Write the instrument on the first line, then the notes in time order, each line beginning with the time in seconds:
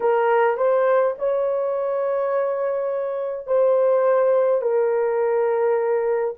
horn
0.00 A#4
0.57 C5
1.18 C#5
3.46 C5
4.61 A#4